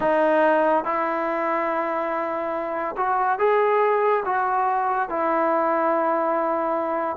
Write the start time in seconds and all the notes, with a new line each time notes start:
0.00 D#4
0.84 E4
2.96 F#4
3.38 G#4
4.25 F#4
5.09 E4